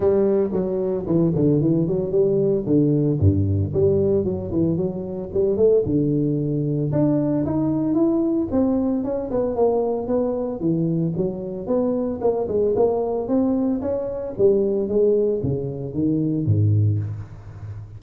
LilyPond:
\new Staff \with { instrumentName = "tuba" } { \time 4/4 \tempo 4 = 113 g4 fis4 e8 d8 e8 fis8 | g4 d4 g,4 g4 | fis8 e8 fis4 g8 a8 d4~ | d4 d'4 dis'4 e'4 |
c'4 cis'8 b8 ais4 b4 | e4 fis4 b4 ais8 gis8 | ais4 c'4 cis'4 g4 | gis4 cis4 dis4 gis,4 | }